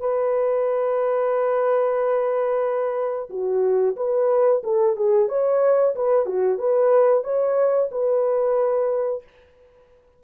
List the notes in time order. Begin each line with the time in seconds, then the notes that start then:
0.00 B4
3.30 F#4
3.97 B4
4.64 A4
4.97 G#4
5.29 C#5
5.96 B4
6.26 F#4
6.59 B4
7.24 C#5
7.92 B4